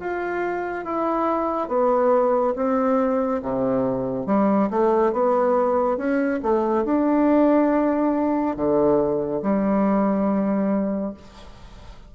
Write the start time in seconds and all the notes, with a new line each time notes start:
0.00 F4
0.85 E4
1.68 B3
2.56 C4
3.42 C3
4.27 G3
4.70 A3
5.13 B3
5.97 C#4
6.42 A3
6.85 D4
8.56 D3
9.42 G3